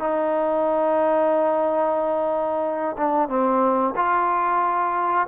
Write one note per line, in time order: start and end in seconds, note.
0.00 2.97 D#4
2.98 3.29 D4
3.29 3.95 C4
3.96 5.28 F4